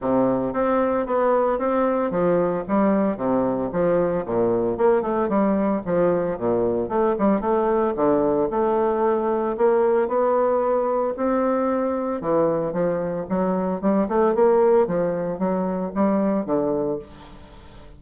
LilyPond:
\new Staff \with { instrumentName = "bassoon" } { \time 4/4 \tempo 4 = 113 c4 c'4 b4 c'4 | f4 g4 c4 f4 | ais,4 ais8 a8 g4 f4 | ais,4 a8 g8 a4 d4 |
a2 ais4 b4~ | b4 c'2 e4 | f4 fis4 g8 a8 ais4 | f4 fis4 g4 d4 | }